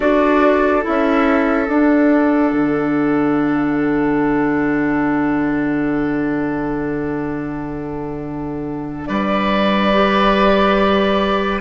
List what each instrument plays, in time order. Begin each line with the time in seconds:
0.00 bassoon D4, clarinet F#4, oboe A4, flute D5
0.82 clarinet E4, flute E5
0.88 bassoon C#4
1.68 clarinet D4, bassoon D4, flute F#5
2.52 bassoon D3
9.06 bassoon G3, oboe B4, flute D5
9.93 clarinet G4